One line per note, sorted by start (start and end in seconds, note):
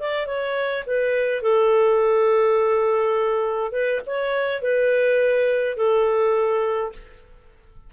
0.00 0.26 D5
0.26 0.84 C#5
0.87 1.42 B4
1.42 3.72 A4
3.72 4.00 B4
4.06 4.62 C#5
4.62 5.77 B4
5.77 6.92 A4